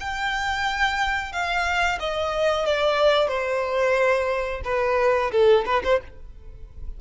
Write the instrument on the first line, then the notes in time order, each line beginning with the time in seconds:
violin
0.00 G5
1.32 F5
2.00 D#5
2.66 D5
3.28 C5
4.65 B4
5.32 A4
5.66 B4
5.84 C5